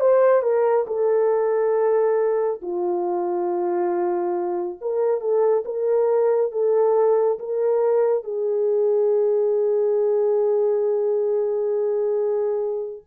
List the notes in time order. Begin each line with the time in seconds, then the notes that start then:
0.00 C5
0.42 A#4
0.87 A4
2.62 F4
4.81 A#4
5.20 A4
5.65 A#4
6.52 A4
7.39 A#4
8.24 G#4